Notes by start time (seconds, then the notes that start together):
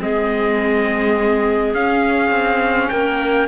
0.00 G#3 C4 G#4 D#5
1.74 C#4 F5
2.31 C4
2.90 A#3 A#4 G5